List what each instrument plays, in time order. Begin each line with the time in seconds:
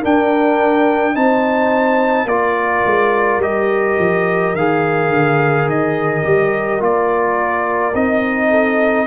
0.00 trombone D4, tuba D4, horn A#4, trumpet G5
1.14 tuba C4, trombone D#4, horn C5, trumpet A5
2.25 tuba A#3, trombone F4, horn A#4, trumpet D5
2.85 tuba G#3
3.37 tuba G3, trombone G4, trumpet D#5
3.98 tuba F3
4.54 tuba D#3, trombone G#4, trumpet F5
5.09 tuba D3
5.65 tuba D#3, trumpet D#5
6.23 tuba G3, trombone G4
6.79 tuba A#3, trombone F4, trumpet D5
7.94 tuba C4, trombone D#4, trumpet D#5
8.49 horn A4